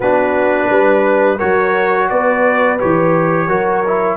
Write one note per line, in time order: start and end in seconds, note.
0.00 0.68 B3
0.00 1.39 D4
0.00 0.69 F#4
0.00 1.38 B4
0.69 1.39 G3
0.69 1.37 B4
1.37 2.11 F#3
1.37 2.78 F#4
1.37 2.07 A#4
1.37 2.08 C#5
2.09 2.80 B3
2.09 3.48 B4
2.09 2.78 D5
2.78 3.48 E3
2.78 3.48 G4
2.78 4.16 C#5
3.48 4.16 F#3
3.48 3.83 F#4
3.48 4.16 A#4
3.86 4.16 E4